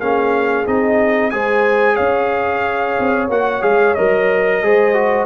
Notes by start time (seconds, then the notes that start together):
0.00 A#3 C#4 G#4 F5
0.66 C4 D#4 D#5
1.30 G#3 G#4 C5 G#5
1.95 C#4 C#5 F5
3.00 C4
3.29 A#3 F#4 F#5
3.62 G#3 G#4 F5
3.95 F#3 A#4 D#5
4.63 G#3 G#4 C5
4.95 F#4